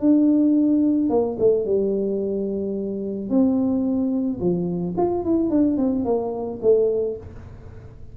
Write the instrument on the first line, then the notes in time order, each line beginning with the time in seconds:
tuba
0.00 D4
1.10 A#3
1.39 A3
1.65 G3
3.30 C4
4.40 F3
4.97 F4
5.24 E4
5.50 D4
5.77 C4
6.05 A#3
6.62 A3